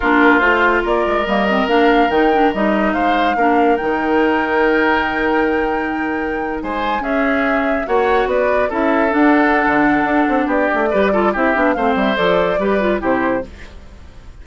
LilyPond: <<
  \new Staff \with { instrumentName = "flute" } { \time 4/4 \tempo 4 = 143 ais'4 c''4 d''4 dis''4 | f''4 g''4 dis''4 f''4~ | f''4 g''2.~ | g''2.~ g''8. gis''16~ |
gis''8. e''2 fis''4 d''16~ | d''8. e''4 fis''2~ fis''16~ | fis''4 d''2 e''4 | f''8 e''8 d''2 c''4 | }
  \new Staff \with { instrumentName = "oboe" } { \time 4/4 f'2 ais'2~ | ais'2. c''4 | ais'1~ | ais'2.~ ais'8. c''16~ |
c''8. gis'2 cis''4 b'16~ | b'8. a'2.~ a'16~ | a'4 g'4 b'8 a'8 g'4 | c''2 b'4 g'4 | }
  \new Staff \with { instrumentName = "clarinet" } { \time 4/4 d'4 f'2 ais8 c'8 | d'4 dis'8 d'8 dis'2 | d'4 dis'2.~ | dis'1~ |
dis'8. cis'2 fis'4~ fis'16~ | fis'8. e'4 d'2~ d'16~ | d'2 g'8 f'8 e'8 d'8 | c'4 a'4 g'8 f'8 e'4 | }
  \new Staff \with { instrumentName = "bassoon" } { \time 4/4 ais4 a4 ais8 gis8 g4 | ais4 dis4 g4 gis4 | ais4 dis2.~ | dis2.~ dis8. gis16~ |
gis8. cis'2 ais4 b16~ | b8. cis'4 d'4~ d'16 d4 | d'8 c'8 b8 a8 g4 c'8 b8 | a8 g8 f4 g4 c4 | }
>>